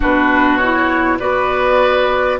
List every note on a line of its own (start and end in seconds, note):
0.00 1.19 B2
0.00 0.59 D4
0.00 1.18 F#4
0.00 0.57 B4
0.57 1.19 E4
0.57 1.17 C#5
1.19 2.39 B3
1.19 2.39 F#4
1.19 2.39 B4
1.19 2.39 D5